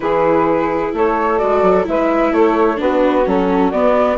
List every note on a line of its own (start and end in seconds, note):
0.00 0.90 E3
0.00 1.38 E4
0.00 0.94 G#4
0.00 0.93 B4
0.93 1.40 A3
0.93 1.87 A4
0.93 1.38 C#5
1.38 1.62 G#3
1.38 1.84 F#4
1.38 1.85 D5
1.62 1.85 F#3
1.84 2.31 G#3
1.84 2.76 E4
1.84 2.33 B4
1.84 2.33 E5
2.31 2.78 A3
2.31 2.78 A4
2.31 2.79 C#5
2.76 3.26 B3
2.76 3.23 D4
2.76 4.17 F#4
2.76 3.27 B4
3.26 3.72 F#3
3.26 3.72 C#4
3.26 3.71 A4
3.71 4.17 B3
3.71 4.17 D5